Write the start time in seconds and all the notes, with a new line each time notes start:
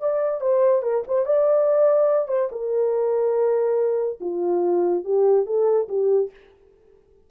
0.00 D5
0.41 C5
0.82 A#4
1.08 C5
1.25 D5
2.28 C5
2.51 A#4
4.20 F4
5.04 G4
5.46 A4
5.88 G4